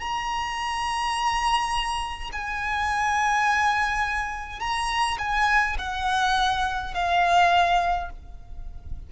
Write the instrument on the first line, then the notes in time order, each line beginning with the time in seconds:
violin
0.00 A#5
2.32 G#5
4.60 A#5
5.19 G#5
5.78 F#5
6.94 F5